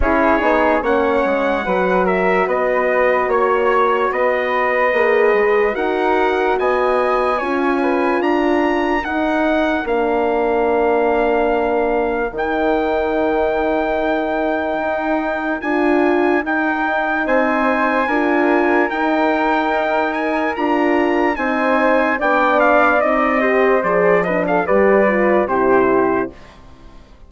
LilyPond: <<
  \new Staff \with { instrumentName = "trumpet" } { \time 4/4 \tempo 4 = 73 cis''4 fis''4. e''8 dis''4 | cis''4 dis''2 fis''4 | gis''2 ais''4 fis''4 | f''2. g''4~ |
g''2. gis''4 | g''4 gis''2 g''4~ | g''8 gis''8 ais''4 gis''4 g''8 f''8 | dis''4 d''8 dis''16 f''16 d''4 c''4 | }
  \new Staff \with { instrumentName = "flute" } { \time 4/4 gis'4 cis''4 b'8 ais'8 b'4 | cis''4 b'2 ais'4 | dis''4 cis''8 b'8 ais'2~ | ais'1~ |
ais'1~ | ais'4 c''4 ais'2~ | ais'2 c''4 d''4~ | d''8 c''4 b'16 a'16 b'4 g'4 | }
  \new Staff \with { instrumentName = "horn" } { \time 4/4 e'8 dis'8 cis'4 fis'2~ | fis'2 gis'4 fis'4~ | fis'4 f'2 dis'4 | d'2. dis'4~ |
dis'2. f'4 | dis'2 f'4 dis'4~ | dis'4 f'4 dis'4 d'4 | dis'8 g'8 gis'8 d'8 g'8 f'8 e'4 | }
  \new Staff \with { instrumentName = "bassoon" } { \time 4/4 cis'8 b8 ais8 gis8 fis4 b4 | ais4 b4 ais8 gis8 dis'4 | b4 cis'4 d'4 dis'4 | ais2. dis4~ |
dis2 dis'4 d'4 | dis'4 c'4 d'4 dis'4~ | dis'4 d'4 c'4 b4 | c'4 f4 g4 c4 | }
>>